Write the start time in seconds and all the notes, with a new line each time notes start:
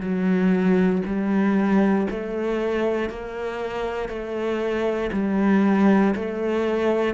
0.00 F#3
1.05 G3
2.10 A3
3.09 A#3
4.08 A3
5.12 G3
6.15 A3